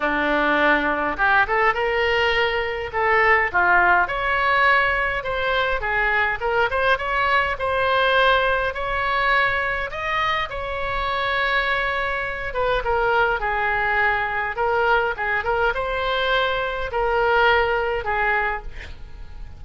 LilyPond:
\new Staff \with { instrumentName = "oboe" } { \time 4/4 \tempo 4 = 103 d'2 g'8 a'8 ais'4~ | ais'4 a'4 f'4 cis''4~ | cis''4 c''4 gis'4 ais'8 c''8 | cis''4 c''2 cis''4~ |
cis''4 dis''4 cis''2~ | cis''4. b'8 ais'4 gis'4~ | gis'4 ais'4 gis'8 ais'8 c''4~ | c''4 ais'2 gis'4 | }